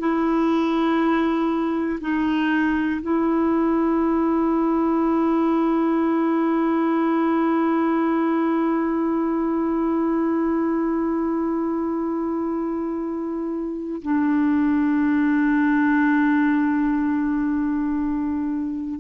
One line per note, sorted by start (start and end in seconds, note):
0.00 2.00 E4
2.01 3.01 D#4
3.02 14.02 E4
14.02 19.00 D4